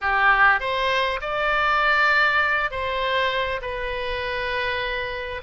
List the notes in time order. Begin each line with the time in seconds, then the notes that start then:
0.01 G4
0.59 C5
1.21 D5
2.71 C5
3.61 B4